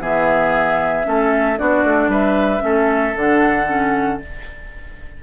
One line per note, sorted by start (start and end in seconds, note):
0.00 1.05 E3
0.00 1.04 B3
0.00 1.06 G#4
0.00 1.58 E5
1.04 1.59 A3
1.04 1.56 C#4
1.04 1.59 A4
1.57 1.84 B3
1.57 2.59 D4
1.57 2.10 F#4
1.57 2.11 D5
1.84 2.08 A3
2.08 2.60 G3
2.08 2.63 B4
2.08 3.16 E5
2.59 3.15 A3
2.59 3.12 C#4
2.59 4.23 A4
3.15 4.20 D3
3.15 3.67 D4
3.15 4.21 F#5
3.67 4.19 C#4